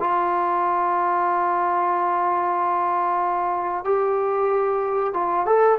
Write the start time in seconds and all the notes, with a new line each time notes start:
0.00 F4
3.85 G4
5.14 F4
5.46 A4